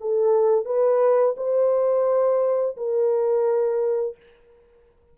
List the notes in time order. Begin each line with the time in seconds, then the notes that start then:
0.00 A4
0.65 B4
1.36 C5
2.77 A#4